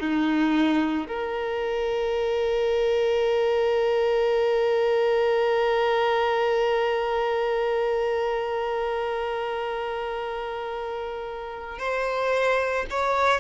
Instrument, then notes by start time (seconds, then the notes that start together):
violin
0.00 D#4
1.07 A#4
11.79 C5
12.90 C#5